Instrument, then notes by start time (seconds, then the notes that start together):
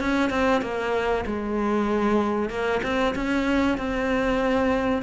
cello
0.00 C#4
0.30 C4
0.61 A#3
1.26 G#3
2.49 A#3
2.82 C4
3.15 C#4
3.78 C4